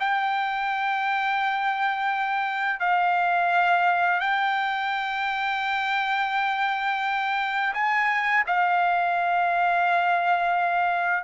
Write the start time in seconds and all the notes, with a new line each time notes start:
0.00 G5
2.80 F5
4.21 G5
7.74 G#5
8.47 F5